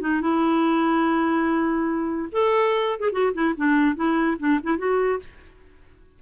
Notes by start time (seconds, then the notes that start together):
0.00 D#4
0.21 E4
2.32 A4
3.00 G#4
3.12 F#4
3.34 E4
3.57 D4
3.96 E4
4.39 D4
4.63 E4
4.78 F#4